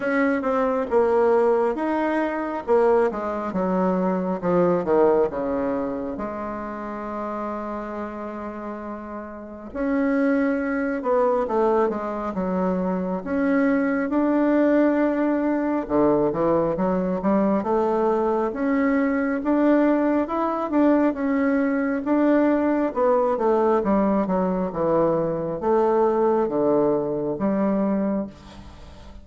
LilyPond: \new Staff \with { instrumentName = "bassoon" } { \time 4/4 \tempo 4 = 68 cis'8 c'8 ais4 dis'4 ais8 gis8 | fis4 f8 dis8 cis4 gis4~ | gis2. cis'4~ | cis'8 b8 a8 gis8 fis4 cis'4 |
d'2 d8 e8 fis8 g8 | a4 cis'4 d'4 e'8 d'8 | cis'4 d'4 b8 a8 g8 fis8 | e4 a4 d4 g4 | }